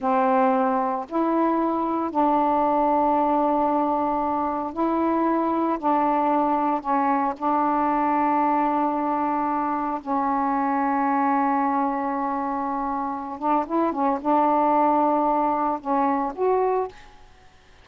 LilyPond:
\new Staff \with { instrumentName = "saxophone" } { \time 4/4 \tempo 4 = 114 c'2 e'2 | d'1~ | d'4 e'2 d'4~ | d'4 cis'4 d'2~ |
d'2. cis'4~ | cis'1~ | cis'4. d'8 e'8 cis'8 d'4~ | d'2 cis'4 fis'4 | }